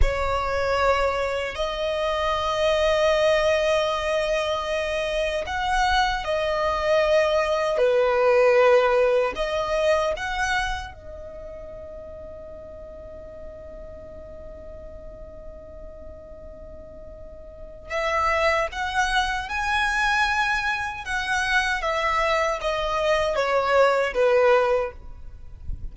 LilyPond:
\new Staff \with { instrumentName = "violin" } { \time 4/4 \tempo 4 = 77 cis''2 dis''2~ | dis''2. fis''4 | dis''2 b'2 | dis''4 fis''4 dis''2~ |
dis''1~ | dis''2. e''4 | fis''4 gis''2 fis''4 | e''4 dis''4 cis''4 b'4 | }